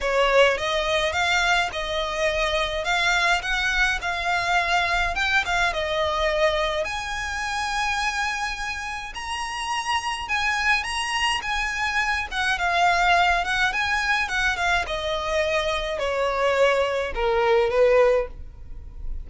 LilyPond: \new Staff \with { instrumentName = "violin" } { \time 4/4 \tempo 4 = 105 cis''4 dis''4 f''4 dis''4~ | dis''4 f''4 fis''4 f''4~ | f''4 g''8 f''8 dis''2 | gis''1 |
ais''2 gis''4 ais''4 | gis''4. fis''8 f''4. fis''8 | gis''4 fis''8 f''8 dis''2 | cis''2 ais'4 b'4 | }